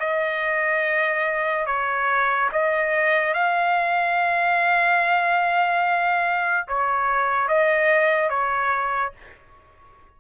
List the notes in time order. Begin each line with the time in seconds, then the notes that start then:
0.00 D#5
1.66 C#5
2.52 D#5
3.34 F5
6.68 C#5
7.48 D#5
8.30 C#5